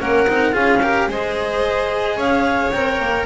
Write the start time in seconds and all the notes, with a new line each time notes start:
0.00 A#3 C#4 A#4 F#5
0.28 C4 D#4
0.52 C#4 F4 G#4 F5
0.81 G4 A#4
1.08 G#3 G#4 C5 D#5
2.17 C#4 C#5 F5
2.71 C4 A#4 G5
2.99 A#3